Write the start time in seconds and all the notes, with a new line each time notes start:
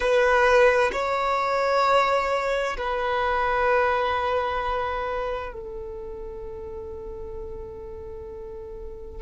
0.00 B4
0.92 C#5
2.77 B4
5.53 A4